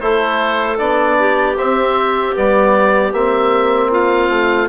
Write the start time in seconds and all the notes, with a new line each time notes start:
0.00 A3 E4 A4 C5
0.78 B3 D4 D5
1.20 G4
1.57 C4 E5
2.35 G3 B3 D5
3.13 A#3 C4 E5
3.91 F4 F5
4.29 A3